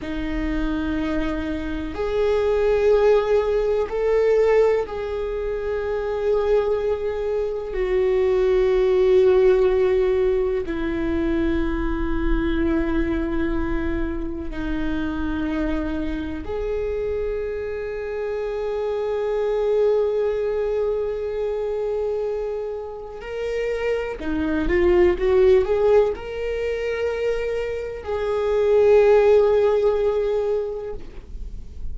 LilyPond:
\new Staff \with { instrumentName = "viola" } { \time 4/4 \tempo 4 = 62 dis'2 gis'2 | a'4 gis'2. | fis'2. e'4~ | e'2. dis'4~ |
dis'4 gis'2.~ | gis'1 | ais'4 dis'8 f'8 fis'8 gis'8 ais'4~ | ais'4 gis'2. | }